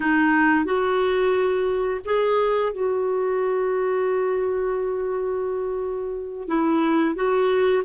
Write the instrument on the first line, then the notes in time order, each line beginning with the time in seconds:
clarinet
0.00 D#4
0.64 F#4
2.05 G#4
2.72 F#4
6.48 E4
7.15 F#4